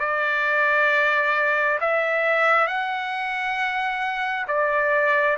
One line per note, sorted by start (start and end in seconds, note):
0.00 1.79 D5
1.81 2.67 E5
2.67 4.47 F#5
4.48 5.38 D5